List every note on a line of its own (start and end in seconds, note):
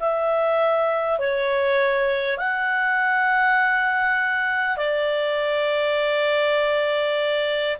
0.00 1.19 E5
1.19 2.38 C#5
2.38 4.77 F#5
4.77 7.77 D5